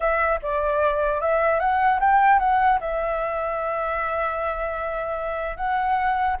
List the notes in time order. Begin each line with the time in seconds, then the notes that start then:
0.00 E5
0.42 D5
1.21 E5
1.59 F#5
1.99 G5
2.39 F#5
2.80 E5
5.57 F#5